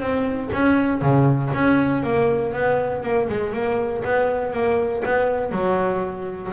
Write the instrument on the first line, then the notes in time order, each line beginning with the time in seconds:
double bass
0.00 C4
0.53 C#4
1.02 C#3
1.54 C#4
2.03 A#3
2.53 B3
3.03 A#3
3.29 G#3
3.53 A#3
4.04 B3
4.52 A#3
5.05 B3
5.51 F#3